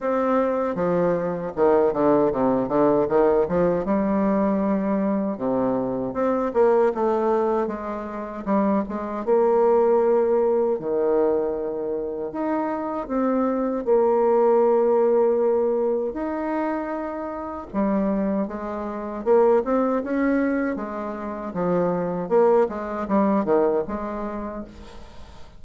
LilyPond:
\new Staff \with { instrumentName = "bassoon" } { \time 4/4 \tempo 4 = 78 c'4 f4 dis8 d8 c8 d8 | dis8 f8 g2 c4 | c'8 ais8 a4 gis4 g8 gis8 | ais2 dis2 |
dis'4 c'4 ais2~ | ais4 dis'2 g4 | gis4 ais8 c'8 cis'4 gis4 | f4 ais8 gis8 g8 dis8 gis4 | }